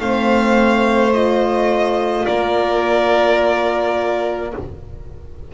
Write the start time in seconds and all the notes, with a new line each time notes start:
0.00 A3 C4 C5 F5
1.13 F4 D#5
2.25 A#3 A#4 D5